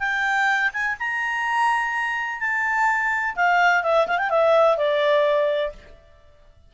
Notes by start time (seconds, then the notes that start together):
0.00 G5
0.74 G#5
1.00 A#5
2.40 A5
3.36 F5
3.83 E5
4.08 F5
4.19 G5
4.30 E5
4.78 D5